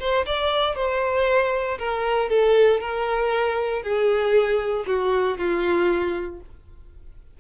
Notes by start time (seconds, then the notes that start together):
0.00 C5
0.26 D5
0.76 C5
1.79 A#4
2.30 A4
2.81 A#4
3.83 G#4
4.87 F#4
5.38 F4